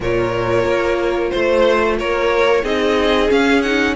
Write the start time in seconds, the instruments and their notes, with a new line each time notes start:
0.00 cello A#2, viola F4, violin A#4 C#5
0.64 cello A#3
1.30 cello A3, violin C5
1.98 cello A#3, violin A#4 C#5
2.62 cello C4, viola D#4, violin G#4 D#5
3.29 viola C#4, cello C#4, violin F5
3.62 viola D#4, violin F#5